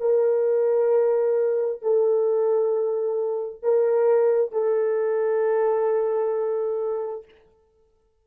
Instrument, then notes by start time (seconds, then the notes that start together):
horn
0.00 A#4
1.82 A4
3.63 A#4
4.52 A4